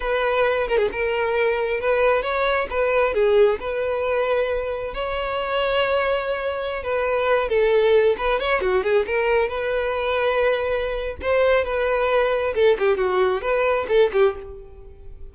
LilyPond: \new Staff \with { instrumentName = "violin" } { \time 4/4 \tempo 4 = 134 b'4. ais'16 gis'16 ais'2 | b'4 cis''4 b'4 gis'4 | b'2. cis''4~ | cis''2.~ cis''16 b'8.~ |
b'8. a'4. b'8 cis''8 fis'8 gis'16~ | gis'16 ais'4 b'2~ b'8.~ | b'4 c''4 b'2 | a'8 g'8 fis'4 b'4 a'8 g'8 | }